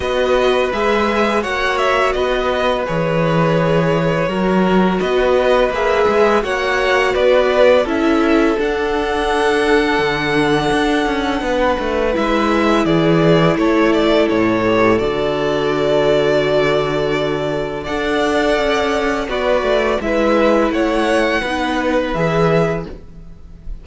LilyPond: <<
  \new Staff \with { instrumentName = "violin" } { \time 4/4 \tempo 4 = 84 dis''4 e''4 fis''8 e''8 dis''4 | cis''2. dis''4 | e''4 fis''4 d''4 e''4 | fis''1~ |
fis''4 e''4 d''4 cis''8 d''8 | cis''4 d''2.~ | d''4 fis''2 d''4 | e''4 fis''2 e''4 | }
  \new Staff \with { instrumentName = "violin" } { \time 4/4 b'2 cis''4 b'4~ | b'2 ais'4 b'4~ | b'4 cis''4 b'4 a'4~ | a'1 |
b'2 gis'4 a'4~ | a'1~ | a'4 d''2 fis'4 | b'4 cis''4 b'2 | }
  \new Staff \with { instrumentName = "viola" } { \time 4/4 fis'4 gis'4 fis'2 | gis'2 fis'2 | gis'4 fis'2 e'4 | d'1~ |
d'4 e'2.~ | e'8 g'8 fis'2.~ | fis'4 a'2 b'4 | e'2 dis'4 gis'4 | }
  \new Staff \with { instrumentName = "cello" } { \time 4/4 b4 gis4 ais4 b4 | e2 fis4 b4 | ais8 gis8 ais4 b4 cis'4 | d'2 d4 d'8 cis'8 |
b8 a8 gis4 e4 a4 | a,4 d2.~ | d4 d'4 cis'4 b8 a8 | gis4 a4 b4 e4 | }
>>